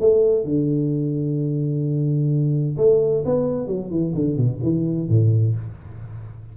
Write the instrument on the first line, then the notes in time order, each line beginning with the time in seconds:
tuba
0.00 A3
0.45 D3
2.78 A3
3.26 B3
3.68 F#3
3.90 E3
4.15 D3
4.37 B2
4.63 E3
5.09 A2